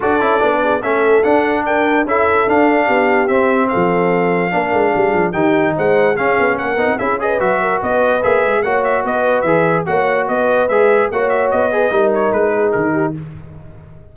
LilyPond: <<
  \new Staff \with { instrumentName = "trumpet" } { \time 4/4 \tempo 4 = 146 d''2 e''4 fis''4 | g''4 e''4 f''2 | e''4 f''2.~ | f''4 g''4 fis''4 f''4 |
fis''4 e''8 dis''8 e''4 dis''4 | e''4 fis''8 e''8 dis''4 e''4 | fis''4 dis''4 e''4 fis''8 e''8 | dis''4. cis''8 b'4 ais'4 | }
  \new Staff \with { instrumentName = "horn" } { \time 4/4 a'4. gis'8 a'2 | ais'4 a'2 g'4~ | g'4 a'2 ais'4 | gis'4 g'4 c''4 gis'4 |
ais'4 gis'8 b'4 ais'8 b'4~ | b'4 cis''4 b'2 | cis''4 b'2 cis''4~ | cis''8 b'8 ais'4. gis'4 g'8 | }
  \new Staff \with { instrumentName = "trombone" } { \time 4/4 fis'8 e'8 d'4 cis'4 d'4~ | d'4 e'4 d'2 | c'2. d'4~ | d'4 dis'2 cis'4~ |
cis'8 dis'8 e'8 gis'8 fis'2 | gis'4 fis'2 gis'4 | fis'2 gis'4 fis'4~ | fis'8 gis'8 dis'2. | }
  \new Staff \with { instrumentName = "tuba" } { \time 4/4 d'8 cis'8 b4 a4 d'4~ | d'4 cis'4 d'4 b4 | c'4 f2 ais8 gis8 | g8 f8 dis4 gis4 cis'8 b8 |
ais8 b16 c'16 cis'4 fis4 b4 | ais8 gis8 ais4 b4 e4 | ais4 b4 gis4 ais4 | b4 g4 gis4 dis4 | }
>>